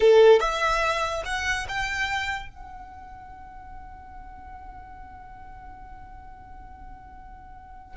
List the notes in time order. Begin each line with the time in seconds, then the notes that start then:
0.00 A4
0.39 E5
1.25 F#5
1.68 G5
2.49 F#5